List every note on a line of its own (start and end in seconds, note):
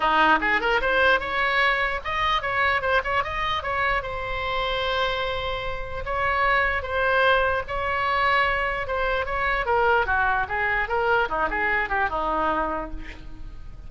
0.00 0.39 D#4
0.40 0.60 G#4
0.60 0.80 A#4
0.81 1.20 C5
1.20 2.00 C#5
2.04 2.41 D#5
2.41 2.81 C#5
2.81 3.01 C5
3.03 3.23 C#5
3.23 3.62 D#5
3.62 4.02 C#5
4.02 6.03 C5
6.05 6.82 C#5
6.82 7.63 C5
7.67 8.87 C#5
8.87 9.25 C5
9.25 9.65 C#5
9.65 10.06 A#4
10.06 10.46 F#4
10.48 10.88 G#4
10.88 11.28 A#4
11.28 11.49 D#4
11.50 11.89 G#4
11.89 12.09 G4
12.09 12.90 D#4